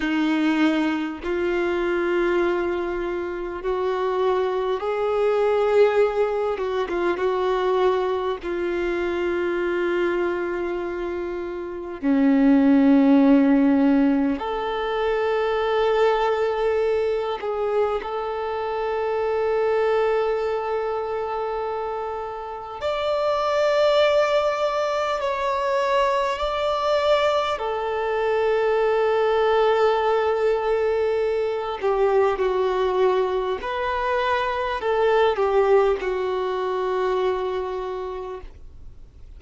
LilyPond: \new Staff \with { instrumentName = "violin" } { \time 4/4 \tempo 4 = 50 dis'4 f'2 fis'4 | gis'4. fis'16 f'16 fis'4 f'4~ | f'2 cis'2 | a'2~ a'8 gis'8 a'4~ |
a'2. d''4~ | d''4 cis''4 d''4 a'4~ | a'2~ a'8 g'8 fis'4 | b'4 a'8 g'8 fis'2 | }